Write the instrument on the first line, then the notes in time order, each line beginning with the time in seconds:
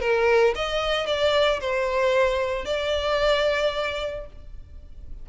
violin
0.00 A#4
0.55 D#5
1.06 D5
1.60 C5
2.65 D5